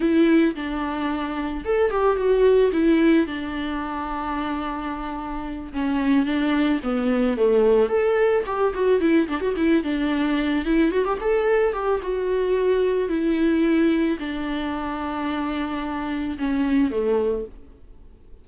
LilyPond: \new Staff \with { instrumentName = "viola" } { \time 4/4 \tempo 4 = 110 e'4 d'2 a'8 g'8 | fis'4 e'4 d'2~ | d'2~ d'8 cis'4 d'8~ | d'8 b4 a4 a'4 g'8 |
fis'8 e'8 d'16 fis'16 e'8 d'4. e'8 | fis'16 g'16 a'4 g'8 fis'2 | e'2 d'2~ | d'2 cis'4 a4 | }